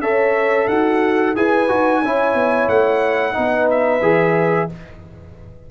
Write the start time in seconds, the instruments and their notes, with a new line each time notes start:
0.00 tuba C#4, trombone A4, horn C#5, trumpet E5
0.67 tuba D#4, horn F#4, trumpet F#5
1.35 tuba E4, trombone G#4, horn B4, trumpet G#5
1.69 tuba D#4, trombone F#4
2.02 tuba C#4, trombone E4, horn C#5
2.34 tuba B3
2.68 tuba A3, trumpet F#5
3.33 tuba B3, trombone D#4, horn B4
3.70 trumpet E5
4.01 tuba E3, trombone G#4